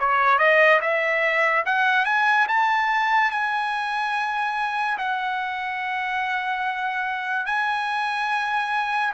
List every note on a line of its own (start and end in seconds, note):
0.00 0.39 C#5
0.39 0.80 D#5
0.81 1.65 E5
1.66 2.05 F#5
2.05 2.47 G#5
2.48 3.31 A5
3.31 4.98 G#5
4.98 7.46 F#5
7.46 9.13 G#5